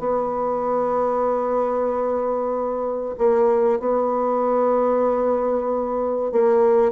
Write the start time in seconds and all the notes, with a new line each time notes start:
0.00 B3
3.19 A#3
3.80 B3
6.32 A#3